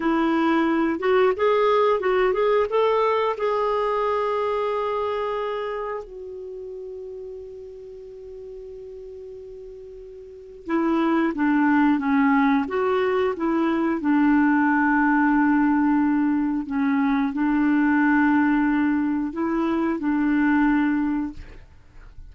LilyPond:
\new Staff \with { instrumentName = "clarinet" } { \time 4/4 \tempo 4 = 90 e'4. fis'8 gis'4 fis'8 gis'8 | a'4 gis'2.~ | gis'4 fis'2.~ | fis'1 |
e'4 d'4 cis'4 fis'4 | e'4 d'2.~ | d'4 cis'4 d'2~ | d'4 e'4 d'2 | }